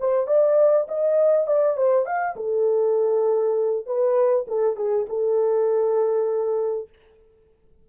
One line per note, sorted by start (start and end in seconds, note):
0.00 0.27 C5
0.27 0.87 D5
0.88 1.47 D#5
1.47 1.77 D5
1.77 2.06 C5
2.06 2.36 F5
2.36 3.86 A4
3.86 4.46 B4
4.48 4.76 A4
4.76 5.06 G#4
5.09 6.89 A4